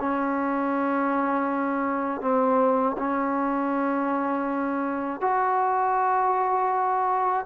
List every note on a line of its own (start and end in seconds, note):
0.00 2.22 C#4
2.22 2.97 C4
2.98 5.21 C#4
5.21 7.46 F#4